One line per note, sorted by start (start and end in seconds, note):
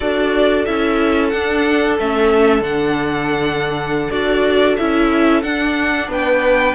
0.00 0.66 D4
0.00 0.66 F#4
0.00 6.09 A4
0.00 0.65 D5
0.65 1.32 C#4
0.65 1.32 E4
0.65 1.29 E5
1.29 1.98 D4
1.29 1.95 F#5
1.99 2.60 A3
1.99 2.62 C#4
1.99 2.62 E5
2.60 4.09 D3
2.60 4.11 D4
2.60 4.10 F#5
4.10 4.77 D4
4.10 4.77 F#4
4.10 4.76 D5
4.76 5.43 C#4
4.76 5.43 E4
4.76 5.42 E5
5.42 6.08 D4
5.42 6.75 D4
5.42 6.08 F#5
6.08 6.73 B3
6.08 6.75 B4
6.08 6.75 G5